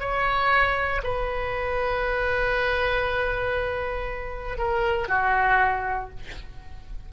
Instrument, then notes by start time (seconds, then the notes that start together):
oboe
0.00 C#5
1.04 B4
4.58 A#4
5.08 F#4